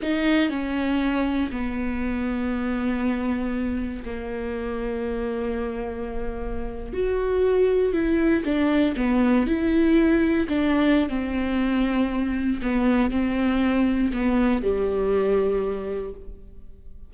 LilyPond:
\new Staff \with { instrumentName = "viola" } { \time 4/4 \tempo 4 = 119 dis'4 cis'2 b4~ | b1 | ais1~ | ais4.~ ais16 fis'2 e'16~ |
e'8. d'4 b4 e'4~ e'16~ | e'8. d'4~ d'16 c'2~ | c'4 b4 c'2 | b4 g2. | }